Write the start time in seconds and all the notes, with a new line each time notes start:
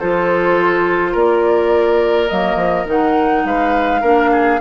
0.00 F3 F4 A4 C5
1.12 A#3 A#4 D5
2.29 F#3 A#3 D#5
2.56 F3
2.86 D#3 D#4 F#5
3.45 G#3 B4 F5
4.02 A#3 D4 A#4
4.32 G#4